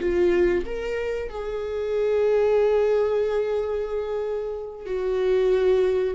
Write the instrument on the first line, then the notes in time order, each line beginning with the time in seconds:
viola
0.00 F4
0.66 A#4
1.30 G#4
4.86 F#4